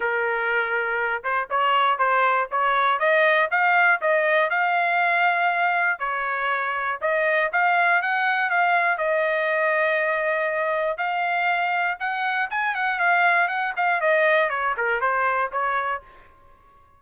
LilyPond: \new Staff \with { instrumentName = "trumpet" } { \time 4/4 \tempo 4 = 120 ais'2~ ais'8 c''8 cis''4 | c''4 cis''4 dis''4 f''4 | dis''4 f''2. | cis''2 dis''4 f''4 |
fis''4 f''4 dis''2~ | dis''2 f''2 | fis''4 gis''8 fis''8 f''4 fis''8 f''8 | dis''4 cis''8 ais'8 c''4 cis''4 | }